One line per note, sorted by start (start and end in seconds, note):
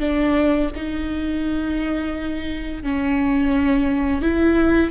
0.00 0.70 D4
0.76 2.83 D#4
2.83 4.22 C#4
4.22 4.91 E4